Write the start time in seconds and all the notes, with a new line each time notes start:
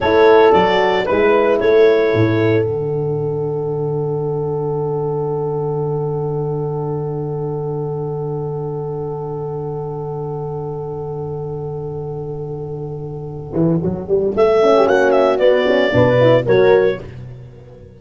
0.00 A3 E4 A4 C#5
0.52 F#3 F#4 D5
1.06 G#3 E4 B4
1.59 A3 A4 C#5
2.13 A2
2.64 D3 D4 F#5
13.53 E3
13.82 F#3
14.07 G3
14.35 A3 E5
14.62 C#4
14.76 G4
14.87 A#3 F#4 F#5
15.11 E5
15.38 B3 D5
15.66 C#4
15.92 B2 D4 B4
16.20 E4
16.46 F#3 F#4 A#4 C#5